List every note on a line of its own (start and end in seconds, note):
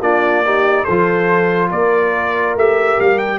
0.00 0.85 A#3
0.00 0.44 D4
0.00 0.45 F4
0.00 0.84 D5
0.45 0.88 D#4
0.45 0.85 G4
0.84 1.71 F3
0.84 2.58 F4
0.84 1.69 A4
0.84 1.69 C5
1.70 2.55 A#3
1.70 3.39 A#4
1.70 2.56 D5
2.55 2.98 A3
2.55 3.39 G4
2.55 3.00 E5
3.00 3.39 G3
3.00 3.18 F5
3.18 3.39 G5